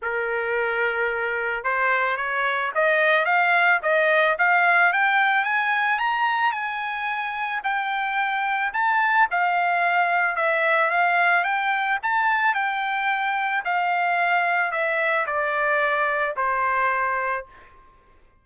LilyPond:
\new Staff \with { instrumentName = "trumpet" } { \time 4/4 \tempo 4 = 110 ais'2. c''4 | cis''4 dis''4 f''4 dis''4 | f''4 g''4 gis''4 ais''4 | gis''2 g''2 |
a''4 f''2 e''4 | f''4 g''4 a''4 g''4~ | g''4 f''2 e''4 | d''2 c''2 | }